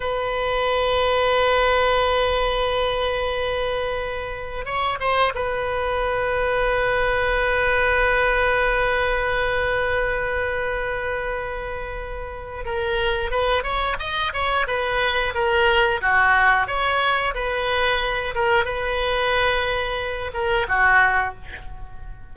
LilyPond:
\new Staff \with { instrumentName = "oboe" } { \time 4/4 \tempo 4 = 90 b'1~ | b'2. cis''8 c''8 | b'1~ | b'1~ |
b'2. ais'4 | b'8 cis''8 dis''8 cis''8 b'4 ais'4 | fis'4 cis''4 b'4. ais'8 | b'2~ b'8 ais'8 fis'4 | }